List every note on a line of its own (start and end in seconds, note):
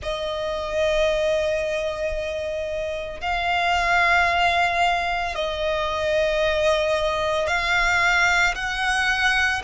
0.02 3.20 D#5
3.20 5.35 F5
5.35 7.47 D#5
7.47 8.54 F5
8.55 9.62 F#5